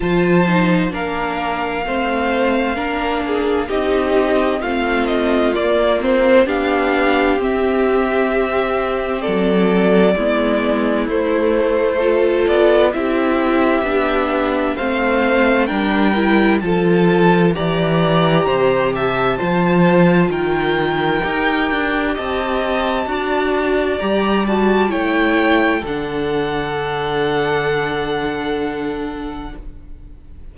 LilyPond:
<<
  \new Staff \with { instrumentName = "violin" } { \time 4/4 \tempo 4 = 65 a''4 f''2. | dis''4 f''8 dis''8 d''8 c''8 f''4 | e''2 d''2 | c''4. d''8 e''2 |
f''4 g''4 a''4 ais''4~ | ais''8 a''4. g''2 | a''2 ais''8 a''8 g''4 | fis''1 | }
  \new Staff \with { instrumentName = "violin" } { \time 4/4 c''4 ais'4 c''4 ais'8 gis'8 | g'4 f'2 g'4~ | g'2 a'4 e'4~ | e'4 a'4 g'2 |
c''4 ais'4 a'4 d''4 | c''8 e''8 c''4 ais'2 | dis''4 d''2 cis''4 | a'1 | }
  \new Staff \with { instrumentName = "viola" } { \time 4/4 f'8 dis'8 d'4 c'4 d'4 | dis'4 c'4 ais8 c'8 d'4 | c'2. b4 | a4 f'4 e'4 d'4 |
c'4 d'8 e'8 f'4 g'4~ | g'4 f'2 g'4~ | g'4 fis'4 g'8 fis'8 e'4 | d'1 | }
  \new Staff \with { instrumentName = "cello" } { \time 4/4 f4 ais4 a4 ais4 | c'4 a4 ais4 b4 | c'2 fis4 gis4 | a4. b8 c'4 b4 |
a4 g4 f4 e4 | c4 f4 dis4 dis'8 d'8 | c'4 d'4 g4 a4 | d1 | }
>>